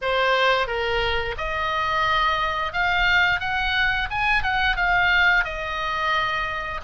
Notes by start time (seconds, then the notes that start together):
0.01 C5
0.67 A#4
1.37 D#5
2.72 F5
3.40 F#5
4.10 G#5
4.42 F#5
4.76 F5
5.44 D#5